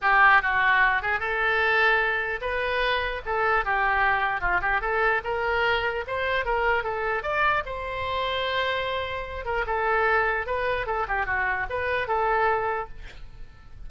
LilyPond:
\new Staff \with { instrumentName = "oboe" } { \time 4/4 \tempo 4 = 149 g'4 fis'4. gis'8 a'4~ | a'2 b'2 | a'4 g'2 f'8 g'8 | a'4 ais'2 c''4 |
ais'4 a'4 d''4 c''4~ | c''2.~ c''8 ais'8 | a'2 b'4 a'8 g'8 | fis'4 b'4 a'2 | }